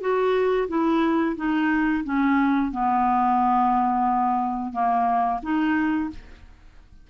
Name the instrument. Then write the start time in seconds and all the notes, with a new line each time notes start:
clarinet
0.00 F#4
0.68 E4
1.36 D#4
2.04 C#4
2.71 B3
4.72 A#3
5.42 D#4